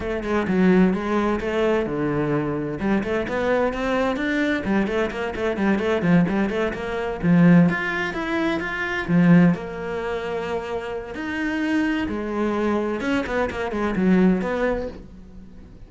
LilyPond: \new Staff \with { instrumentName = "cello" } { \time 4/4 \tempo 4 = 129 a8 gis8 fis4 gis4 a4 | d2 g8 a8 b4 | c'4 d'4 g8 a8 ais8 a8 | g8 a8 f8 g8 a8 ais4 f8~ |
f8 f'4 e'4 f'4 f8~ | f8 ais2.~ ais8 | dis'2 gis2 | cis'8 b8 ais8 gis8 fis4 b4 | }